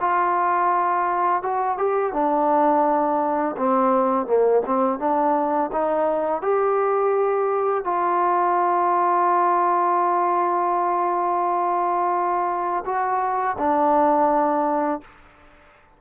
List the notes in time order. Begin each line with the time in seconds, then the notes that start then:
0.00 F4
1.43 F#4
1.78 G4
2.13 D4
3.57 C4
4.26 A#3
4.66 C4
4.99 D4
5.72 D#4
6.42 G4
7.84 F4
12.85 F#4
13.58 D4